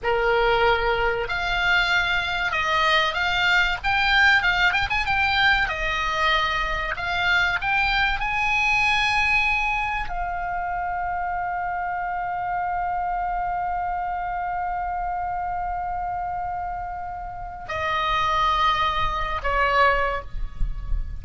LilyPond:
\new Staff \with { instrumentName = "oboe" } { \time 4/4 \tempo 4 = 95 ais'2 f''2 | dis''4 f''4 g''4 f''8 g''16 gis''16 | g''4 dis''2 f''4 | g''4 gis''2. |
f''1~ | f''1~ | f''1 | dis''2~ dis''8. cis''4~ cis''16 | }